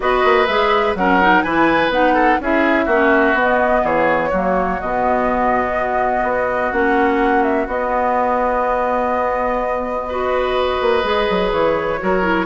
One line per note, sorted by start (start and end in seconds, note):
0.00 0.24 B3
0.00 0.46 F#4
0.00 0.98 B4
0.00 0.46 D#5
0.24 0.48 A#3
0.46 0.94 G#3
0.46 0.97 G#4
0.46 0.94 E5
0.94 1.42 F#3
0.94 1.21 C#4
0.94 1.44 A#4
0.94 1.41 F#5
1.21 1.45 D#4
1.41 1.89 E3
1.41 1.91 E4
1.41 2.14 B4
1.41 1.89 G#5
1.89 2.37 B3
1.89 2.39 D#4
1.89 2.40 F#5
2.14 2.38 A4
2.40 2.87 C#4
2.40 2.89 E4
2.40 2.85 G#4
2.40 3.39 E5
2.85 3.34 A#3
2.85 3.36 C#4
2.85 3.81 F#4
3.34 3.82 B3
3.34 4.32 B3
3.41 3.86 D#5
3.83 4.31 E3
3.83 4.29 G#4
3.83 4.80 C#5
4.29 4.80 F#3
4.29 4.81 A#3
4.29 10.05 F#4
4.80 6.23 B2
4.80 6.72 B3
4.80 6.72 D#5
6.23 6.71 B3
6.72 7.67 A#3
6.72 7.68 C#4
6.72 7.42 F#5
7.42 7.67 E5
7.67 10.79 B3
7.67 10.08 B3
7.67 11.51 D#5
10.08 11.02 F#4
10.08 12.00 B4
10.80 11.03 A#3
11.02 11.27 G#3
11.02 11.98 G#4
11.29 11.52 F#3
11.51 12.00 E3
11.51 12.46 C#5
11.98 12.46 F#3
11.98 12.22 F#4
11.98 12.46 A#4
12.22 12.46 E4